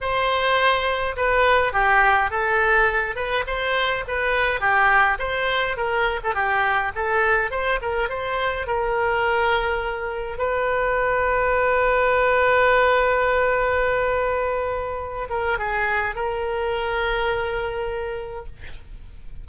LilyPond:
\new Staff \with { instrumentName = "oboe" } { \time 4/4 \tempo 4 = 104 c''2 b'4 g'4 | a'4. b'8 c''4 b'4 | g'4 c''4 ais'8. a'16 g'4 | a'4 c''8 ais'8 c''4 ais'4~ |
ais'2 b'2~ | b'1~ | b'2~ b'8 ais'8 gis'4 | ais'1 | }